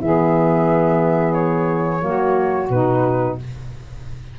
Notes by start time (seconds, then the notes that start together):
0.00 E3 B3 G#4 E5
1.33 C#5
1.98 F#3 A#3 F#4
2.69 B2 D#4 B4